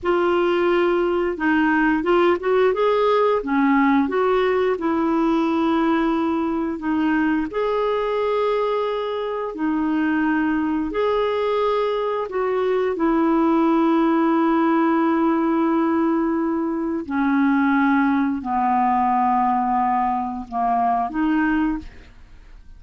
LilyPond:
\new Staff \with { instrumentName = "clarinet" } { \time 4/4 \tempo 4 = 88 f'2 dis'4 f'8 fis'8 | gis'4 cis'4 fis'4 e'4~ | e'2 dis'4 gis'4~ | gis'2 dis'2 |
gis'2 fis'4 e'4~ | e'1~ | e'4 cis'2 b4~ | b2 ais4 dis'4 | }